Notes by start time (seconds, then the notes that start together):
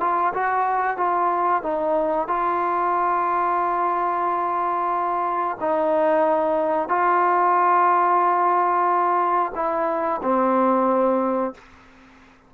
0.00 F4
0.34 F#4
0.97 F4
1.63 D#4
2.28 F4
5.60 D#4
6.88 F4
9.55 E4
10.23 C4